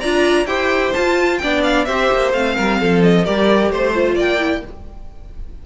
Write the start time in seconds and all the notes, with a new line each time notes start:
0.00 D4 F4 D5 A#5
0.46 E4 G4 C5 G5
0.93 F4 A5
1.38 B3 D4 D5 G5
1.63 F5
1.85 C4 G4 C5 E5
2.12 A#3
2.33 A3 C4 F5
2.55 G3 A#4
2.80 F3 A4
3.03 D#5
3.25 G3 G4 A#4 D5
3.71 A3 C5
3.94 F4
4.15 A#3 D5 G5
4.39 E4